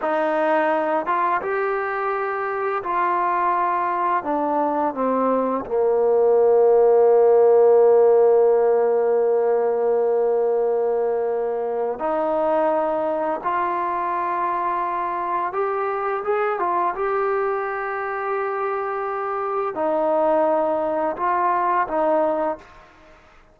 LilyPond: \new Staff \with { instrumentName = "trombone" } { \time 4/4 \tempo 4 = 85 dis'4. f'8 g'2 | f'2 d'4 c'4 | ais1~ | ais1~ |
ais4 dis'2 f'4~ | f'2 g'4 gis'8 f'8 | g'1 | dis'2 f'4 dis'4 | }